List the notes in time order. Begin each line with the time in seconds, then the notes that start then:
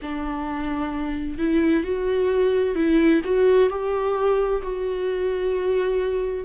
0.02 D4
1.38 E4
1.83 F#4
2.75 E4
3.24 F#4
3.69 G4
4.62 F#4